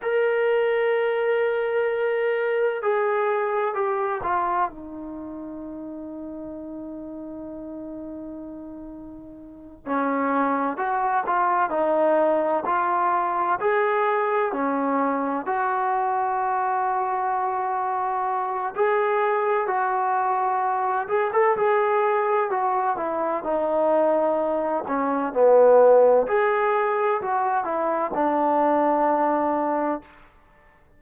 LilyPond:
\new Staff \with { instrumentName = "trombone" } { \time 4/4 \tempo 4 = 64 ais'2. gis'4 | g'8 f'8 dis'2.~ | dis'2~ dis'8 cis'4 fis'8 | f'8 dis'4 f'4 gis'4 cis'8~ |
cis'8 fis'2.~ fis'8 | gis'4 fis'4. gis'16 a'16 gis'4 | fis'8 e'8 dis'4. cis'8 b4 | gis'4 fis'8 e'8 d'2 | }